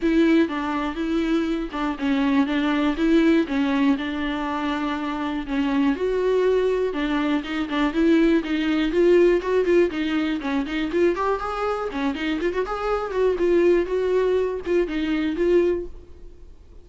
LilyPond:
\new Staff \with { instrumentName = "viola" } { \time 4/4 \tempo 4 = 121 e'4 d'4 e'4. d'8 | cis'4 d'4 e'4 cis'4 | d'2. cis'4 | fis'2 d'4 dis'8 d'8 |
e'4 dis'4 f'4 fis'8 f'8 | dis'4 cis'8 dis'8 f'8 g'8 gis'4 | cis'8 dis'8 f'16 fis'16 gis'4 fis'8 f'4 | fis'4. f'8 dis'4 f'4 | }